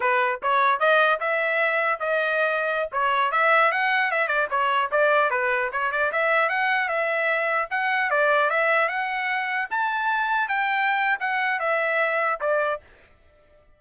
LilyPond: \new Staff \with { instrumentName = "trumpet" } { \time 4/4 \tempo 4 = 150 b'4 cis''4 dis''4 e''4~ | e''4 dis''2~ dis''16 cis''8.~ | cis''16 e''4 fis''4 e''8 d''8 cis''8.~ | cis''16 d''4 b'4 cis''8 d''8 e''8.~ |
e''16 fis''4 e''2 fis''8.~ | fis''16 d''4 e''4 fis''4.~ fis''16~ | fis''16 a''2 g''4.~ g''16 | fis''4 e''2 d''4 | }